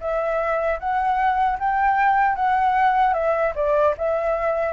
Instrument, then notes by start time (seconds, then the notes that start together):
flute
0.00 E5
0.79 F#5
1.59 G5
2.36 F#5
3.14 E5
3.55 D5
3.97 E5